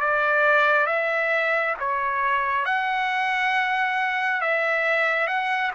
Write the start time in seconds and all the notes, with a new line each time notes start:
0.00 D5
0.86 E5
1.79 C#5
2.65 F#5
4.41 E5
5.27 F#5